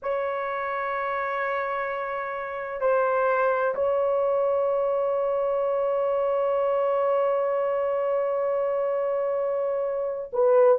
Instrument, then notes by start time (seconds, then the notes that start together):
horn
0.02 C#5
2.80 C5
3.74 C#5
10.32 B4